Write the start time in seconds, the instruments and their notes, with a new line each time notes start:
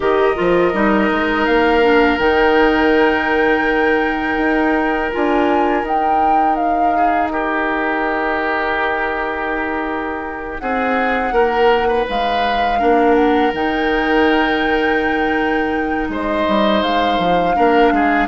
0.00 bassoon D#3, clarinet G4, oboe A#4, flute D#5
0.35 bassoon F3, clarinet F4
0.73 bassoon G3, clarinet D#4
1.10 bassoon G#3
1.45 bassoon A#3, flute F5
1.82 clarinet D4
2.18 bassoon D#3, clarinet D#4, flute G5
4.37 bassoon D#4
5.12 bassoon D4, clarinet F4, flute G#5
5.83 bassoon D#4, clarinet D#4, flute G5
6.55 flute F5
6.96 oboe G#4
7.30 oboe G4, flute A#4
10.58 bassoon C4, oboe G#4, flute F#5
11.32 bassoon A#3, oboe A#4
11.87 oboe B4
12.09 bassoon G#3, flute F5
12.79 bassoon A#3, clarinet D4, oboe A#4
13.14 flute F#5
13.52 bassoon D#3, clarinet D#4, flute G5
16.08 bassoon G#3, oboe C5, flute D#5
16.47 bassoon G3
16.82 bassoon G#3, flute F5
17.18 bassoon F3
17.55 bassoon A#3, clarinet D4, oboe A#4
17.91 bassoon G#3, oboe G#4